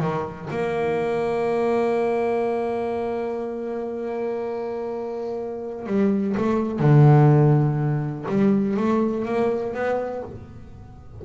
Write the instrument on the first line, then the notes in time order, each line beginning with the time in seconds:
double bass
0.00 D#3
0.50 A#3
5.87 G3
6.37 A3
6.79 D3
8.29 G3
8.77 A3
9.25 A#3
9.74 B3